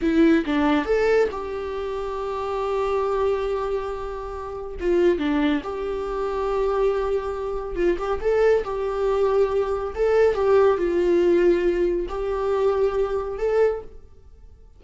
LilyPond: \new Staff \with { instrumentName = "viola" } { \time 4/4 \tempo 4 = 139 e'4 d'4 a'4 g'4~ | g'1~ | g'2. f'4 | d'4 g'2.~ |
g'2 f'8 g'8 a'4 | g'2. a'4 | g'4 f'2. | g'2. a'4 | }